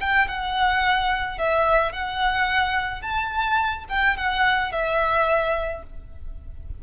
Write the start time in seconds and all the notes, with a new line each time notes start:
0.00 G5
0.28 F#5
1.38 E5
1.92 F#5
3.01 A5
3.89 G5
4.16 F#5
4.72 E5